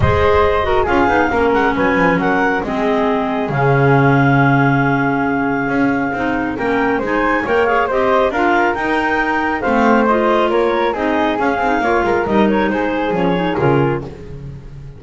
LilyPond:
<<
  \new Staff \with { instrumentName = "clarinet" } { \time 4/4 \tempo 4 = 137 dis''2 f''4. fis''8 | gis''4 fis''4 dis''2 | f''1~ | f''2. g''4 |
gis''4 g''8 f''8 dis''4 f''4 | g''2 f''4 dis''4 | cis''4 dis''4 f''2 | dis''8 cis''8 c''4 cis''4 ais'4 | }
  \new Staff \with { instrumentName = "flute" } { \time 4/4 c''4. ais'8 gis'4 ais'4 | b'4 ais'4 gis'2~ | gis'1~ | gis'2. ais'4 |
c''4 cis''4 c''4 ais'4~ | ais'2 c''2 | ais'4 gis'2 cis''8 ais'8~ | ais'4 gis'2. | }
  \new Staff \with { instrumentName = "clarinet" } { \time 4/4 gis'4. fis'8 f'8 dis'8 cis'4~ | cis'2 c'2 | cis'1~ | cis'2 dis'4 cis'4 |
dis'4 ais'8 gis'8 g'4 f'4 | dis'2 c'4 f'4~ | f'4 dis'4 cis'8 dis'8 f'4 | dis'2 cis'8 dis'8 f'4 | }
  \new Staff \with { instrumentName = "double bass" } { \time 4/4 gis2 cis'8 b8 ais8 gis8 | fis8 f8 fis4 gis2 | cis1~ | cis4 cis'4 c'4 ais4 |
gis4 ais4 c'4 d'4 | dis'2 a2 | ais4 c'4 cis'8 c'8 ais8 gis8 | g4 gis4 f4 cis4 | }
>>